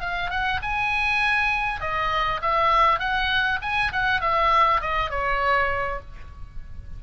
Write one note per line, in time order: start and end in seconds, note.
0.00 0.30 F5
0.30 0.60 F#5
0.62 1.81 G#5
1.81 2.41 D#5
2.42 2.99 E5
2.99 3.59 F#5
3.62 3.92 G#5
3.92 4.21 F#5
4.21 4.81 E5
4.81 5.10 D#5
5.10 6.00 C#5